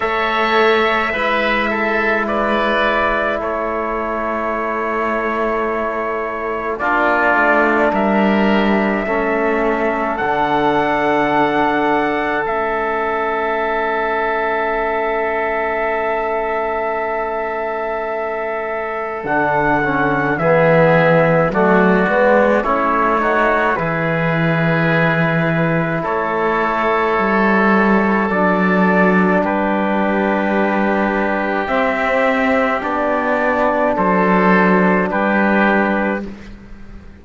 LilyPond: <<
  \new Staff \with { instrumentName = "trumpet" } { \time 4/4 \tempo 4 = 53 e''2 d''4 cis''4~ | cis''2 d''4 e''4~ | e''4 fis''2 e''4~ | e''1~ |
e''4 fis''4 e''4 d''4 | cis''4 b'2 cis''4~ | cis''4 d''4 b'2 | e''4 d''4 c''4 b'4 | }
  \new Staff \with { instrumentName = "oboe" } { \time 4/4 cis''4 b'8 a'8 b'4 a'4~ | a'2 f'4 ais'4 | a'1~ | a'1~ |
a'2 gis'4 fis'4 | e'8 fis'8 gis'2 a'4~ | a'2 g'2~ | g'2 a'4 g'4 | }
  \new Staff \with { instrumentName = "trombone" } { \time 4/4 a'4 e'2.~ | e'2 d'2 | cis'4 d'2 cis'4~ | cis'1~ |
cis'4 d'8 cis'8 b4 a8 b8 | cis'8 dis'8 e'2.~ | e'4 d'2. | c'4 d'2. | }
  \new Staff \with { instrumentName = "cello" } { \time 4/4 a4 gis2 a4~ | a2 ais8 a8 g4 | a4 d2 a4~ | a1~ |
a4 d4 e4 fis8 gis8 | a4 e2 a4 | g4 fis4 g2 | c'4 b4 fis4 g4 | }
>>